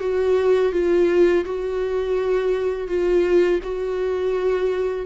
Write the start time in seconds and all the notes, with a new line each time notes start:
0.00 F#4
0.72 F4
1.45 F#4
2.87 F4
3.63 F#4